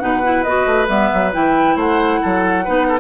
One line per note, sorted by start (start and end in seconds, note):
0.00 0.45 B2
0.00 0.22 D#4
0.00 1.77 B4
0.00 0.43 F#5
0.23 0.45 E4
0.43 0.66 B3
0.43 0.87 F#4
0.43 0.87 D#5
0.66 0.89 A3
0.87 1.11 G3
0.87 1.32 B3
0.87 1.33 E5
1.14 1.36 F#3
1.33 1.76 E3
1.33 2.65 E4
1.33 1.79 G5
1.76 2.20 A3
1.76 2.21 C5
1.76 3.01 F#5
2.22 2.68 F#3
2.22 2.65 A4
2.65 3.01 B3
2.65 2.99 D#4
2.65 2.87 B4
2.89 3.00 A4